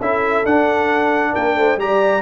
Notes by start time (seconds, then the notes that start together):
0.00 C#4 E4 A4 E5
0.45 D4 F#5
1.32 A#3 A#4 G5
1.56 A3 C5
1.77 G3 G4 D5 A#5